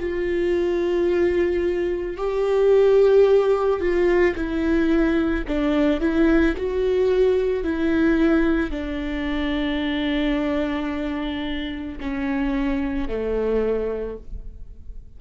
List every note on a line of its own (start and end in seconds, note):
0.00 2.18 F4
2.18 3.81 G4
3.81 4.35 F4
4.36 5.45 E4
5.48 6.00 D4
6.00 6.55 E4
6.57 7.64 F#4
7.64 8.71 E4
8.71 11.99 D4
12.01 13.09 C#4
13.09 14.18 A3